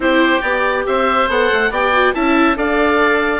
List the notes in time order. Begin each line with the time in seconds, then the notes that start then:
0.00 C4 E4 G4 C5
0.41 B3 G4 D5
0.86 C4 C5 E5
1.28 B3 A4 F#5
1.53 A3
1.70 B3 G4 D5 G5
1.92 F#4
2.14 C#4 E4 E5 A5
2.56 D4 A4 D5 F5